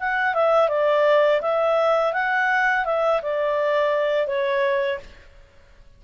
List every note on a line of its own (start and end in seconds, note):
0.00 0.35 F#5
0.35 0.69 E5
0.69 1.41 D5
1.42 2.13 E5
2.13 2.85 F#5
2.85 3.21 E5
3.22 4.27 D5
4.27 4.99 C#5